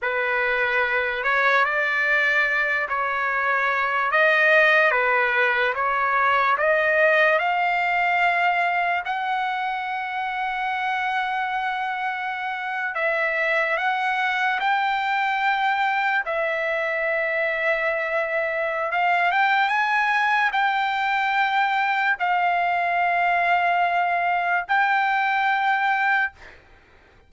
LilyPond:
\new Staff \with { instrumentName = "trumpet" } { \time 4/4 \tempo 4 = 73 b'4. cis''8 d''4. cis''8~ | cis''4 dis''4 b'4 cis''4 | dis''4 f''2 fis''4~ | fis''2.~ fis''8. e''16~ |
e''8. fis''4 g''2 e''16~ | e''2. f''8 g''8 | gis''4 g''2 f''4~ | f''2 g''2 | }